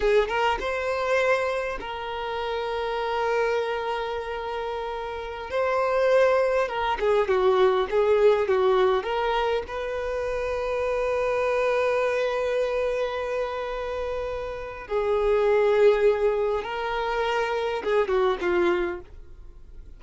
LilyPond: \new Staff \with { instrumentName = "violin" } { \time 4/4 \tempo 4 = 101 gis'8 ais'8 c''2 ais'4~ | ais'1~ | ais'4~ ais'16 c''2 ais'8 gis'16~ | gis'16 fis'4 gis'4 fis'4 ais'8.~ |
ais'16 b'2.~ b'8.~ | b'1~ | b'4 gis'2. | ais'2 gis'8 fis'8 f'4 | }